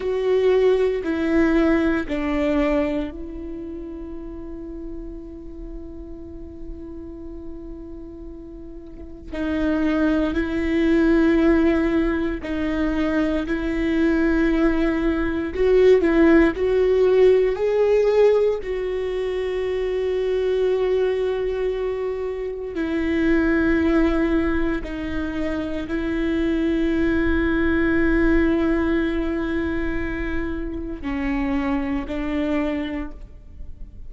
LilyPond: \new Staff \with { instrumentName = "viola" } { \time 4/4 \tempo 4 = 58 fis'4 e'4 d'4 e'4~ | e'1~ | e'4 dis'4 e'2 | dis'4 e'2 fis'8 e'8 |
fis'4 gis'4 fis'2~ | fis'2 e'2 | dis'4 e'2.~ | e'2 cis'4 d'4 | }